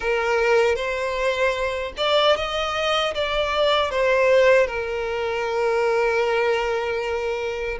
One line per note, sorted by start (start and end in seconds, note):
0.00 0.75 A#4
0.75 1.92 C5
1.97 2.36 D5
2.36 3.14 D#5
3.14 3.91 D5
3.91 4.66 C5
4.66 7.78 A#4